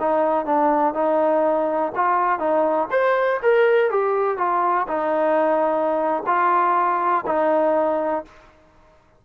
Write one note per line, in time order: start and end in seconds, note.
0.00 0.46 D#4
0.46 0.94 D4
0.94 1.92 D#4
1.95 2.39 F4
2.39 2.88 D#4
2.91 3.40 C5
3.42 3.91 A#4
3.91 4.38 G4
4.38 4.87 F4
4.88 6.23 D#4
6.27 7.25 F4
7.26 8.25 D#4